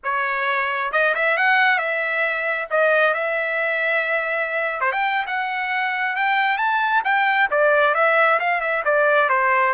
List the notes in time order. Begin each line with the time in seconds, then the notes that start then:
0.03 C#5
0.92 D#5
1.14 E5
1.37 F#5
1.78 E5
2.70 D#5
3.13 E5
4.81 C5
4.92 G5
5.26 F#5
6.16 G5
6.57 A5
7.04 G5
7.50 D5
7.94 E5
8.39 F5
8.60 E5
8.85 D5
9.29 C5